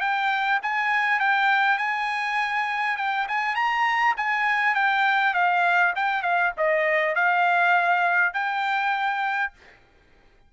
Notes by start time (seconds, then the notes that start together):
0.00 G5
0.62 G#5
1.19 G5
1.77 G#5
2.96 G5
3.28 G#5
3.55 A#5
4.16 G#5
4.74 G5
5.34 F5
5.95 G5
6.22 F5
6.57 D#5
7.15 F5
8.33 G5